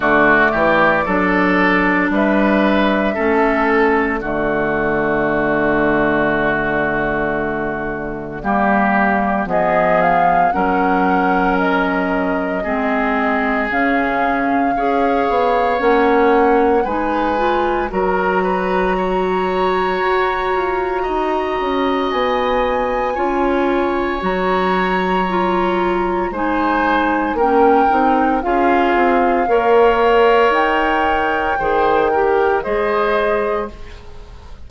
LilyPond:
<<
  \new Staff \with { instrumentName = "flute" } { \time 4/4 \tempo 4 = 57 d''2 e''4. d''8~ | d''1~ | d''4 dis''8 f''8 fis''4 dis''4~ | dis''4 f''2 fis''4 |
gis''4 ais''2.~ | ais''4 gis''2 ais''4~ | ais''4 gis''4 g''4 f''4~ | f''4 g''2 dis''4 | }
  \new Staff \with { instrumentName = "oboe" } { \time 4/4 fis'8 g'8 a'4 b'4 a'4 | fis'1 | g'4 gis'4 ais'2 | gis'2 cis''2 |
b'4 ais'8 b'8 cis''2 | dis''2 cis''2~ | cis''4 c''4 ais'4 gis'4 | cis''2 c''8 ais'8 c''4 | }
  \new Staff \with { instrumentName = "clarinet" } { \time 4/4 a4 d'2 cis'4 | a1 | ais4 b4 cis'2 | c'4 cis'4 gis'4 cis'4 |
dis'8 f'8 fis'2.~ | fis'2 f'4 fis'4 | f'4 dis'4 cis'8 dis'8 f'4 | ais'2 gis'8 g'8 gis'4 | }
  \new Staff \with { instrumentName = "bassoon" } { \time 4/4 d8 e8 fis4 g4 a4 | d1 | g4 f4 fis2 | gis4 cis4 cis'8 b8 ais4 |
gis4 fis2 fis'8 f'8 | dis'8 cis'8 b4 cis'4 fis4~ | fis4 gis4 ais8 c'8 cis'8 c'8 | ais4 dis'4 dis4 gis4 | }
>>